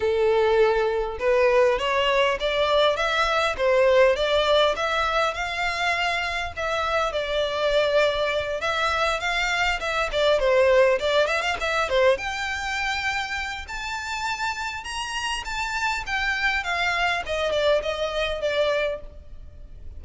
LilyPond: \new Staff \with { instrumentName = "violin" } { \time 4/4 \tempo 4 = 101 a'2 b'4 cis''4 | d''4 e''4 c''4 d''4 | e''4 f''2 e''4 | d''2~ d''8 e''4 f''8~ |
f''8 e''8 d''8 c''4 d''8 e''16 f''16 e''8 | c''8 g''2~ g''8 a''4~ | a''4 ais''4 a''4 g''4 | f''4 dis''8 d''8 dis''4 d''4 | }